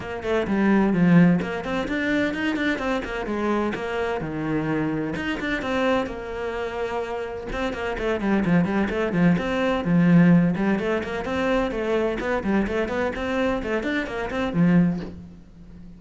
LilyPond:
\new Staff \with { instrumentName = "cello" } { \time 4/4 \tempo 4 = 128 ais8 a8 g4 f4 ais8 c'8 | d'4 dis'8 d'8 c'8 ais8 gis4 | ais4 dis2 dis'8 d'8 | c'4 ais2. |
c'8 ais8 a8 g8 f8 g8 a8 f8 | c'4 f4. g8 a8 ais8 | c'4 a4 b8 g8 a8 b8 | c'4 a8 d'8 ais8 c'8 f4 | }